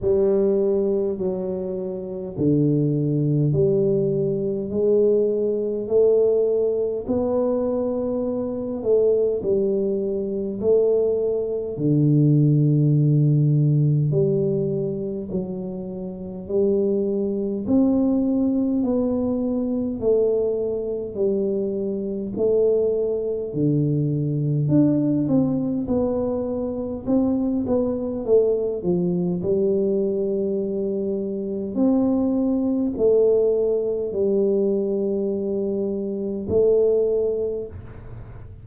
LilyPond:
\new Staff \with { instrumentName = "tuba" } { \time 4/4 \tempo 4 = 51 g4 fis4 d4 g4 | gis4 a4 b4. a8 | g4 a4 d2 | g4 fis4 g4 c'4 |
b4 a4 g4 a4 | d4 d'8 c'8 b4 c'8 b8 | a8 f8 g2 c'4 | a4 g2 a4 | }